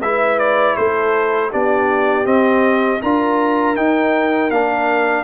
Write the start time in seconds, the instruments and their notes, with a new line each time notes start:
0.00 tuba G#3, trombone E4, horn B4, trumpet E5
0.39 trumpet D5
0.76 tuba A3, horn A4, trumpet C5
1.51 tuba B3, trombone D4, horn G4, trumpet D5
2.25 trombone C4, tuba C4, trumpet D#5
3.02 tuba D4, trombone F4, horn A#4, trumpet A#5
3.76 tuba D#4, trombone D#4, trumpet G5
4.51 tuba A#3, trombone D4, trumpet F5